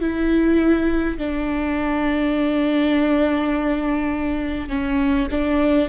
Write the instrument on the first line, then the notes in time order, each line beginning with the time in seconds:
viola
0.00 E4
1.18 D4
4.68 C#4
5.30 D4